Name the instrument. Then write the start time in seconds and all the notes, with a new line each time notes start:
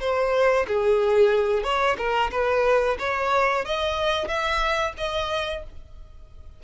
violin
0.00 C5
0.67 G#4
1.63 C#5
1.98 A#4
2.31 B4
2.99 C#5
3.65 D#5
4.27 E5
4.97 D#5